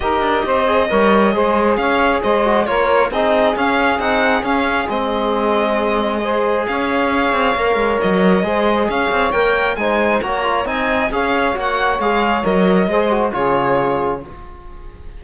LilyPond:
<<
  \new Staff \with { instrumentName = "violin" } { \time 4/4 \tempo 4 = 135 dis''1 | f''4 dis''4 cis''4 dis''4 | f''4 fis''4 f''4 dis''4~ | dis''2. f''4~ |
f''2 dis''2 | f''4 g''4 gis''4 ais''4 | gis''4 f''4 fis''4 f''4 | dis''2 cis''2 | }
  \new Staff \with { instrumentName = "saxophone" } { \time 4/4 ais'4 c''4 cis''4 c''4 | cis''4 c''4 ais'4 gis'4~ | gis'1~ | gis'2 c''4 cis''4~ |
cis''2. c''4 | cis''2 c''4 cis''4 | dis''4 cis''2.~ | cis''4 c''4 gis'2 | }
  \new Staff \with { instrumentName = "trombone" } { \time 4/4 g'4. gis'8 ais'4 gis'4~ | gis'4. fis'8 f'4 dis'4 | cis'4 dis'4 cis'4 c'4~ | c'2 gis'2~ |
gis'4 ais'2 gis'4~ | gis'4 ais'4 dis'4 fis'8 f'8 | dis'4 gis'4 fis'4 gis'4 | ais'4 gis'8 fis'8 f'2 | }
  \new Staff \with { instrumentName = "cello" } { \time 4/4 dis'8 d'8 c'4 g4 gis4 | cis'4 gis4 ais4 c'4 | cis'4 c'4 cis'4 gis4~ | gis2. cis'4~ |
cis'8 c'8 ais8 gis8 fis4 gis4 | cis'8 c'8 ais4 gis4 ais4 | c'4 cis'4 ais4 gis4 | fis4 gis4 cis2 | }
>>